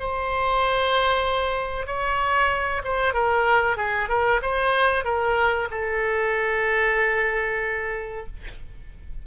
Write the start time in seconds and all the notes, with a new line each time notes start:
0.00 C5
1.87 C#5
2.84 C5
3.14 A#4
3.77 G#4
4.09 A#4
4.42 C5
5.05 A#4
5.72 A4